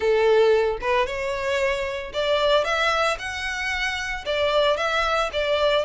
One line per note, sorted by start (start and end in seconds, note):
0.00 0.77 A4
0.81 1.06 B4
1.06 2.12 C#5
2.13 2.64 D5
2.64 3.17 E5
3.18 4.25 F#5
4.25 4.76 D5
4.76 5.30 E5
5.32 5.85 D5